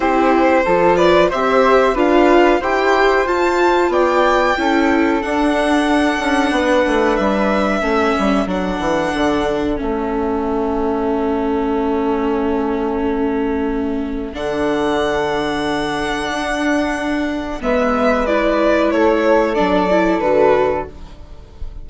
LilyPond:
<<
  \new Staff \with { instrumentName = "violin" } { \time 4/4 \tempo 4 = 92 c''4. d''8 e''4 f''4 | g''4 a''4 g''2 | fis''2. e''4~ | e''4 fis''2 e''4~ |
e''1~ | e''2 fis''2~ | fis''2. e''4 | d''4 cis''4 d''4 b'4 | }
  \new Staff \with { instrumentName = "flute" } { \time 4/4 g'4 a'8 b'8 c''4 b'4 | c''2 d''4 a'4~ | a'2 b'2 | a'1~ |
a'1~ | a'1~ | a'2. b'4~ | b'4 a'2. | }
  \new Staff \with { instrumentName = "viola" } { \time 4/4 e'4 f'4 g'4 f'4 | g'4 f'2 e'4 | d'1 | cis'4 d'2 cis'4~ |
cis'1~ | cis'2 d'2~ | d'2. b4 | e'2 d'8 e'8 fis'4 | }
  \new Staff \with { instrumentName = "bassoon" } { \time 4/4 c'4 f4 c'4 d'4 | e'4 f'4 b4 cis'4 | d'4. cis'8 b8 a8 g4 | a8 g8 fis8 e8 d4 a4~ |
a1~ | a2 d2~ | d4 d'2 gis4~ | gis4 a4 fis4 d4 | }
>>